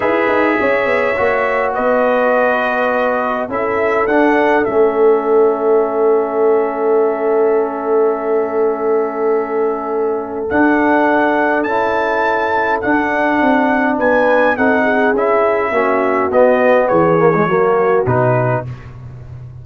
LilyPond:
<<
  \new Staff \with { instrumentName = "trumpet" } { \time 4/4 \tempo 4 = 103 e''2. dis''4~ | dis''2 e''4 fis''4 | e''1~ | e''1~ |
e''2 fis''2 | a''2 fis''2 | gis''4 fis''4 e''2 | dis''4 cis''2 b'4 | }
  \new Staff \with { instrumentName = "horn" } { \time 4/4 b'4 cis''2 b'4~ | b'2 a'2~ | a'1~ | a'1~ |
a'1~ | a'1 | b'4 a'8 gis'4. fis'4~ | fis'4 gis'4 fis'2 | }
  \new Staff \with { instrumentName = "trombone" } { \time 4/4 gis'2 fis'2~ | fis'2 e'4 d'4 | cis'1~ | cis'1~ |
cis'2 d'2 | e'2 d'2~ | d'4 dis'4 e'4 cis'4 | b4. ais16 gis16 ais4 dis'4 | }
  \new Staff \with { instrumentName = "tuba" } { \time 4/4 e'8 dis'8 cis'8 b8 ais4 b4~ | b2 cis'4 d'4 | a1~ | a1~ |
a2 d'2 | cis'2 d'4 c'4 | b4 c'4 cis'4 ais4 | b4 e4 fis4 b,4 | }
>>